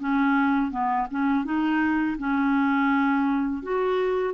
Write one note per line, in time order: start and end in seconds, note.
0.00 0.71 C#4
0.71 1.07 B3
1.11 1.45 C#4
1.45 2.17 D#4
2.19 3.63 C#4
3.63 4.34 F#4